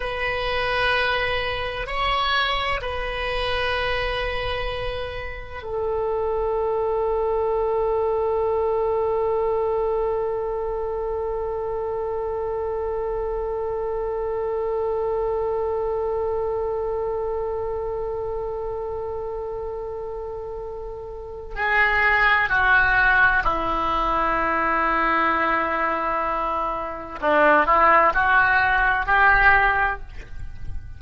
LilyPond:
\new Staff \with { instrumentName = "oboe" } { \time 4/4 \tempo 4 = 64 b'2 cis''4 b'4~ | b'2 a'2~ | a'1~ | a'1~ |
a'1~ | a'2. gis'4 | fis'4 e'2.~ | e'4 d'8 e'8 fis'4 g'4 | }